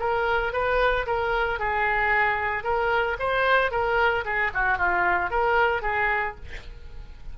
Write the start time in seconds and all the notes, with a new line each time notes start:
0.00 A#4
0.53 B4
1.07 A#4
1.60 G#4
2.64 A#4
3.19 C5
3.72 A#4
4.25 G#4
4.54 F#4
4.79 F4
5.31 A#4
5.82 G#4